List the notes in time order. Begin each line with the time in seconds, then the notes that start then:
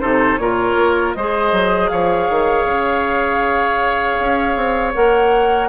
0.00 C3 D#4 A4 C5
0.37 A#2 F4 A#4 C#5
0.76 A#3
1.14 G#3 G#4 C5 D#5
1.52 F#3
1.89 F3 C#5 F5
2.30 D#3
2.65 C#3
4.20 C#4
4.56 C4
4.94 A#3 A#4 F#5